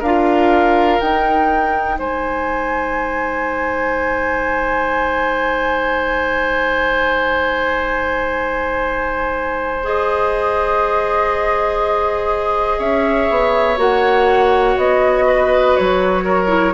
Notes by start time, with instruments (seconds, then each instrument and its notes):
0.00 bassoon D4, oboe A#4, flute F5
0.06 clarinet F4
1.00 clarinet D#4, bassoon D#4, flute G5
1.99 bassoon G#3, oboe C5, flute G#5
9.84 clarinet G#4, flute D#5
12.79 bassoon C#4, oboe C#5, flute E5
13.31 bassoon B3
13.78 bassoon A#3, clarinet F#4, flute F#5
14.78 bassoon B3, flute D#5
15.28 oboe B4
15.77 bassoon F#3, flute C#5
16.25 oboe A#4
16.48 clarinet E4